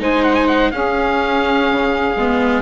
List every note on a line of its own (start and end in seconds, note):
0.00 0.72 G#3
0.00 0.72 D#4
0.00 0.73 C5
0.00 0.24 G#5
0.24 0.35 F#5
0.35 0.47 G#5
0.48 0.72 F#5
0.72 2.18 C#4
0.72 1.71 C#4
0.72 2.62 G#4
0.72 2.62 F5
1.72 2.16 C#3
2.16 2.62 G#3
2.16 2.62 B3